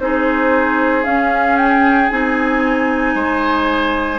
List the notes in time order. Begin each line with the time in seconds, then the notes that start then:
0.00 C4 D#4 G#4 C5
1.04 C#4 F5
1.57 G5
2.10 C4 D#4 G#5
3.15 G#3 C5